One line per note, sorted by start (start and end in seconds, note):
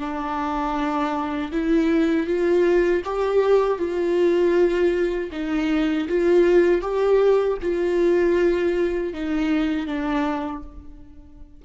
0.00 1.52 D4
1.52 2.27 E4
2.27 3.03 F4
3.05 3.79 G4
3.79 5.31 F4
5.33 6.09 D#4
6.09 6.82 F4
6.82 7.58 G4
7.63 9.14 F4
9.14 9.87 D#4
9.87 10.63 D4